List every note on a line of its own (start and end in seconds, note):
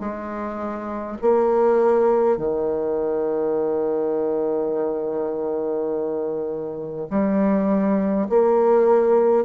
0.00 1.18 G#3
1.22 2.37 A#3
2.37 7.08 D#3
7.10 8.28 G3
8.29 9.45 A#3